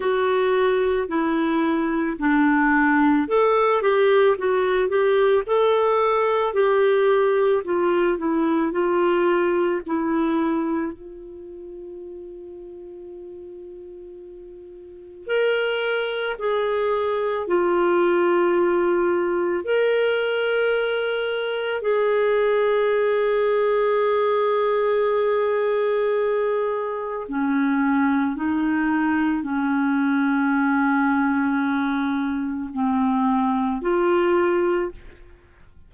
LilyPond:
\new Staff \with { instrumentName = "clarinet" } { \time 4/4 \tempo 4 = 55 fis'4 e'4 d'4 a'8 g'8 | fis'8 g'8 a'4 g'4 f'8 e'8 | f'4 e'4 f'2~ | f'2 ais'4 gis'4 |
f'2 ais'2 | gis'1~ | gis'4 cis'4 dis'4 cis'4~ | cis'2 c'4 f'4 | }